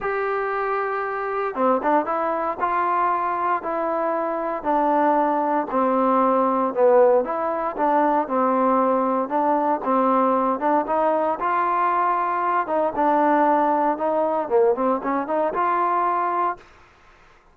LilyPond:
\new Staff \with { instrumentName = "trombone" } { \time 4/4 \tempo 4 = 116 g'2. c'8 d'8 | e'4 f'2 e'4~ | e'4 d'2 c'4~ | c'4 b4 e'4 d'4 |
c'2 d'4 c'4~ | c'8 d'8 dis'4 f'2~ | f'8 dis'8 d'2 dis'4 | ais8 c'8 cis'8 dis'8 f'2 | }